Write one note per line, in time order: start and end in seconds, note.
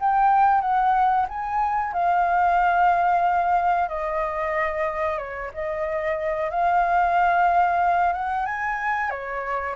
0.00 0.61 G5
0.61 1.26 F#5
1.29 1.93 G#5
1.93 3.88 F5
3.88 5.18 D#5
5.18 5.51 C#5
5.54 6.50 D#5
6.50 8.13 F5
8.13 8.46 F#5
8.46 9.10 G#5
9.10 9.75 C#5